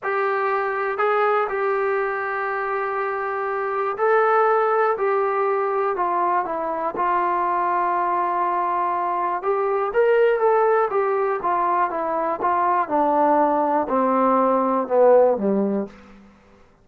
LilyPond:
\new Staff \with { instrumentName = "trombone" } { \time 4/4 \tempo 4 = 121 g'2 gis'4 g'4~ | g'1 | a'2 g'2 | f'4 e'4 f'2~ |
f'2. g'4 | ais'4 a'4 g'4 f'4 | e'4 f'4 d'2 | c'2 b4 g4 | }